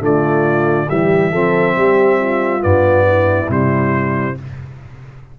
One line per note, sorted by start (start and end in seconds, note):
0.00 0.88 D3
0.00 0.87 A3
0.00 0.88 F4
0.00 0.90 D5
0.88 1.34 E3
0.88 1.32 G3
0.88 1.32 G4
0.88 2.63 E5
1.32 1.76 F3
1.32 2.61 C4
1.32 1.75 A4
1.76 2.63 G3
1.76 2.20 G4
2.20 3.07 F4
2.61 3.50 G2
2.61 3.47 B3
2.61 3.50 D5
3.08 4.38 E4
3.49 4.37 C3
3.49 4.36 G3
3.49 4.39 C5